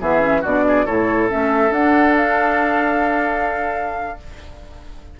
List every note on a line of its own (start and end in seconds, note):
0.00 0.44 E3
0.00 0.20 B3
0.00 0.42 G#4
0.00 0.44 E5
0.20 0.41 C#4
0.42 0.87 B2
0.42 0.87 D4
0.42 0.63 F#4
0.42 0.86 D5
0.68 0.86 G#4
0.86 1.31 A2
0.86 1.28 E4
0.86 4.18 A4
0.86 1.29 C#5
1.28 1.71 A3
1.28 1.71 C#4
1.28 1.73 E5
1.71 4.17 D4
1.71 2.16 F#5
2.16 4.20 F5